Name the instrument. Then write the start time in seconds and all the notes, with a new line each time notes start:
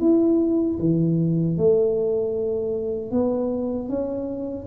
tuba
0.00 E4
0.80 E3
1.57 A3
3.11 B3
3.89 C#4